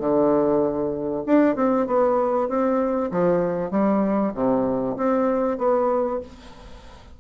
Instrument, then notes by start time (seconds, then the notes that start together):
bassoon
0.00 D3
1.26 D4
1.56 C4
1.87 B3
2.49 C4
3.12 F3
3.71 G3
4.35 C3
4.97 C4
5.58 B3